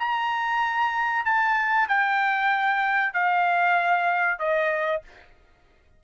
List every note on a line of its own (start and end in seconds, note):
0.00 1.25 A#5
1.25 1.89 A5
1.89 3.14 G5
3.14 4.40 F5
4.40 5.03 D#5